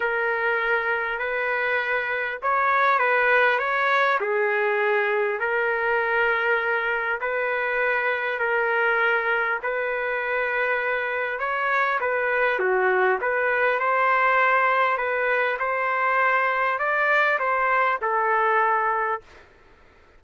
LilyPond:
\new Staff \with { instrumentName = "trumpet" } { \time 4/4 \tempo 4 = 100 ais'2 b'2 | cis''4 b'4 cis''4 gis'4~ | gis'4 ais'2. | b'2 ais'2 |
b'2. cis''4 | b'4 fis'4 b'4 c''4~ | c''4 b'4 c''2 | d''4 c''4 a'2 | }